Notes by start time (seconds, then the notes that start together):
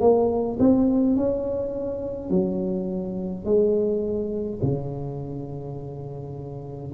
0.00 A#3
0.59 C4
1.16 C#4
2.30 F#3
3.44 G#3
4.62 C#3